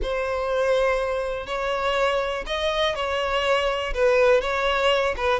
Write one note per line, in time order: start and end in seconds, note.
0.02 1.46 C5
1.46 2.44 C#5
2.46 2.95 D#5
2.95 3.93 C#5
3.93 4.41 B4
4.41 5.15 C#5
5.16 5.40 B4